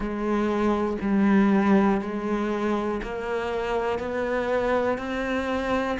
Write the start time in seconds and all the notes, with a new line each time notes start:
0.00 G#3
1.00 G3
2.00 G#3
3.02 A#3
3.99 B3
4.98 C4